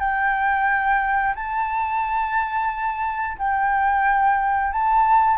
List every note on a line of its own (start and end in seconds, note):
0.00 1.35 G5
1.36 3.38 A5
3.39 4.73 G5
4.73 5.38 A5